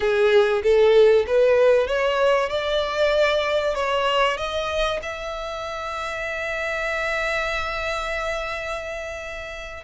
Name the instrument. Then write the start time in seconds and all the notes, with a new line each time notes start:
violin
0.00 G#4
0.62 A4
1.26 B4
1.87 C#5
2.49 D5
3.74 C#5
4.37 D#5
5.02 E5